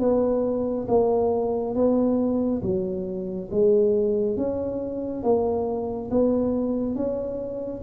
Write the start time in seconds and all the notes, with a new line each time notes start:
0.00 B3
0.89 A#3
1.75 B3
2.63 F#3
3.51 G#3
4.37 C#4
5.23 A#3
6.11 B3
6.96 C#4